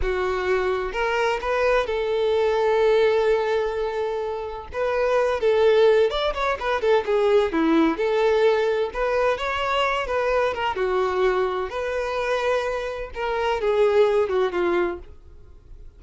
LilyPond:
\new Staff \with { instrumentName = "violin" } { \time 4/4 \tempo 4 = 128 fis'2 ais'4 b'4 | a'1~ | a'2 b'4. a'8~ | a'4 d''8 cis''8 b'8 a'8 gis'4 |
e'4 a'2 b'4 | cis''4. b'4 ais'8 fis'4~ | fis'4 b'2. | ais'4 gis'4. fis'8 f'4 | }